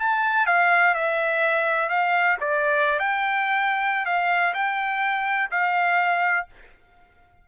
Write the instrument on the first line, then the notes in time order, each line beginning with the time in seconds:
trumpet
0.00 A5
0.47 F5
0.95 E5
1.90 F5
2.41 D5
3.00 G5
4.06 F5
4.55 G5
5.51 F5